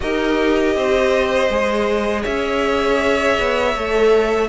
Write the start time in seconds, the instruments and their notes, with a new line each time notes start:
0.00 cello D#4, viola G4, violin A#4 D#5
0.75 cello C4, violin C5
1.49 cello G#3, viola G#4
2.22 cello C#4, violin C#5 E5
3.38 cello B3
3.74 cello A3, viola A4